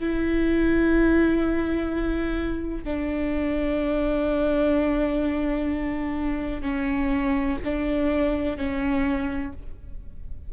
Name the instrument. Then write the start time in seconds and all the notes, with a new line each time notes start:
viola
0.00 E4
2.85 D4
6.62 C#4
7.65 D4
8.58 C#4